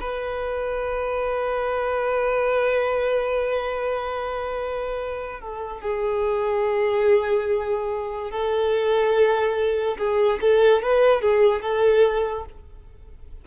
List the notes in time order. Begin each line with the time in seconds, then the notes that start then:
0.00 B4
5.40 A4
5.81 G#4
8.31 A4
9.97 G#4
10.41 A4
10.82 B4
11.21 G#4
11.61 A4